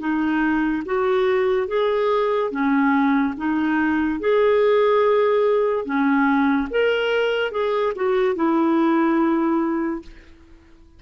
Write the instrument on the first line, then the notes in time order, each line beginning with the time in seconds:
clarinet
0.00 D#4
0.86 F#4
1.68 G#4
2.51 C#4
3.37 D#4
4.20 G#4
5.85 C#4
6.70 A#4
7.52 G#4
7.95 F#4
8.36 E4